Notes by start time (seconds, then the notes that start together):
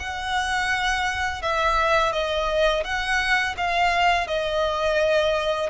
0.00 F#5
1.43 E5
2.13 D#5
2.84 F#5
3.57 F5
4.28 D#5